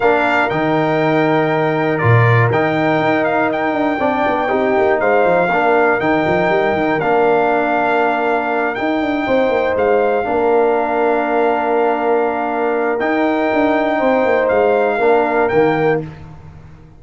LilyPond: <<
  \new Staff \with { instrumentName = "trumpet" } { \time 4/4 \tempo 4 = 120 f''4 g''2. | d''4 g''4. f''8 g''4~ | g''2 f''2 | g''2 f''2~ |
f''4. g''2 f''8~ | f''1~ | f''2 g''2~ | g''4 f''2 g''4 | }
  \new Staff \with { instrumentName = "horn" } { \time 4/4 ais'1~ | ais'1 | d''4 g'4 c''4 ais'4~ | ais'1~ |
ais'2~ ais'8 c''4.~ | c''8 ais'2.~ ais'8~ | ais'1 | c''2 ais'2 | }
  \new Staff \with { instrumentName = "trombone" } { \time 4/4 d'4 dis'2. | f'4 dis'2. | d'4 dis'2 d'4 | dis'2 d'2~ |
d'4. dis'2~ dis'8~ | dis'8 d'2.~ d'8~ | d'2 dis'2~ | dis'2 d'4 ais4 | }
  \new Staff \with { instrumentName = "tuba" } { \time 4/4 ais4 dis2. | ais,4 dis4 dis'4. d'8 | c'8 b8 c'8 ais8 gis8 f8 ais4 | dis8 f8 g8 dis8 ais2~ |
ais4. dis'8 d'8 c'8 ais8 gis8~ | gis8 ais2.~ ais8~ | ais2 dis'4 d'4 | c'8 ais8 gis4 ais4 dis4 | }
>>